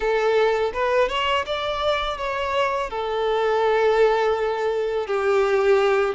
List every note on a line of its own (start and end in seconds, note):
0.00 0.72 A4
0.73 1.08 B4
1.08 1.45 C#5
1.46 2.17 D5
2.17 2.89 C#5
2.89 5.06 A4
5.06 6.14 G4